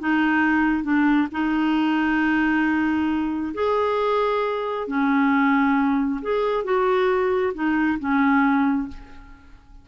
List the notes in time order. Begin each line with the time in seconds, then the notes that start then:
0.00 D#4
0.84 D4
1.32 D#4
3.54 G#4
4.88 C#4
6.22 G#4
6.64 F#4
7.55 D#4
8.00 C#4